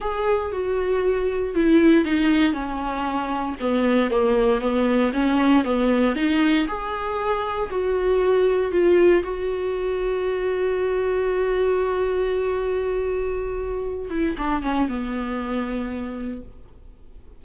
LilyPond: \new Staff \with { instrumentName = "viola" } { \time 4/4 \tempo 4 = 117 gis'4 fis'2 e'4 | dis'4 cis'2 b4 | ais4 b4 cis'4 b4 | dis'4 gis'2 fis'4~ |
fis'4 f'4 fis'2~ | fis'1~ | fis'2.~ fis'8 e'8 | d'8 cis'8 b2. | }